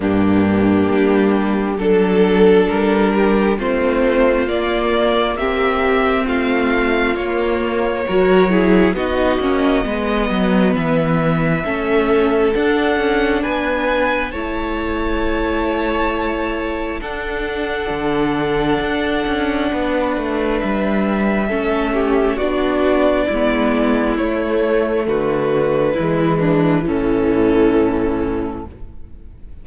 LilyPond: <<
  \new Staff \with { instrumentName = "violin" } { \time 4/4 \tempo 4 = 67 g'2 a'4 ais'4 | c''4 d''4 e''4 f''4 | cis''2 dis''2 | e''2 fis''4 gis''4 |
a''2. fis''4~ | fis''2. e''4~ | e''4 d''2 cis''4 | b'2 a'2 | }
  \new Staff \with { instrumentName = "violin" } { \time 4/4 d'2 a'4. g'8 | f'2 g'4 f'4~ | f'4 ais'8 gis'8 fis'4 b'4~ | b'4 a'2 b'4 |
cis''2. a'4~ | a'2 b'2 | a'8 g'8 fis'4 e'2 | fis'4 e'8 d'8 cis'2 | }
  \new Staff \with { instrumentName = "viola" } { \time 4/4 ais2 d'2 | c'4 ais4 c'2 | ais4 fis'8 e'8 dis'8 cis'8 b4~ | b4 cis'4 d'2 |
e'2. d'4~ | d'1 | cis'4 d'4 b4 a4~ | a4 gis4 e2 | }
  \new Staff \with { instrumentName = "cello" } { \time 4/4 g,4 g4 fis4 g4 | a4 ais2 a4 | ais4 fis4 b8 ais8 gis8 fis8 | e4 a4 d'8 cis'8 b4 |
a2. d'4 | d4 d'8 cis'8 b8 a8 g4 | a4 b4 gis4 a4 | d4 e4 a,2 | }
>>